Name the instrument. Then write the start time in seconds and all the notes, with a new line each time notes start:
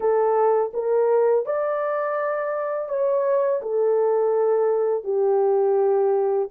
horn
0.00 A4
0.73 A#4
1.45 D5
2.88 C#5
3.61 A4
5.04 G4